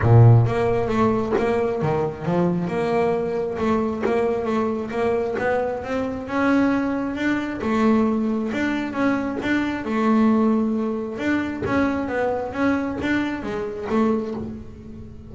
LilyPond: \new Staff \with { instrumentName = "double bass" } { \time 4/4 \tempo 4 = 134 ais,4 ais4 a4 ais4 | dis4 f4 ais2 | a4 ais4 a4 ais4 | b4 c'4 cis'2 |
d'4 a2 d'4 | cis'4 d'4 a2~ | a4 d'4 cis'4 b4 | cis'4 d'4 gis4 a4 | }